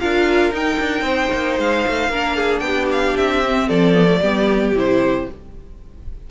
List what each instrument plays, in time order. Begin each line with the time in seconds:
0.00 cello D4, viola F4, violin A#4 F5
0.51 cello D#4, viola D#4, violin G5
0.79 cello D4
1.02 cello C4, violin C5
1.33 cello A#3
1.59 cello G#3, violin F5
1.88 cello A3
2.09 cello A#3, viola D4, violin A#4
2.36 violin G#4
2.59 cello B3, violin G5
2.66 violin G4
2.92 violin F5
3.17 cello C4, violin E5
3.44 viola C4
3.68 cello F3, violin A4 D5
3.94 viola B3
4.07 viola A3
4.21 cello G3, viola B3, violin G4
4.73 cello C3, viola E4, violin C5